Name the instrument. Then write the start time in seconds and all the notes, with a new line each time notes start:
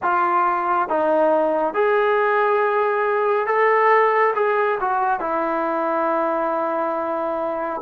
trombone
0.02 F4
0.89 D#4
1.74 G#4
3.47 A4
4.35 G#4
4.80 F#4
5.20 E4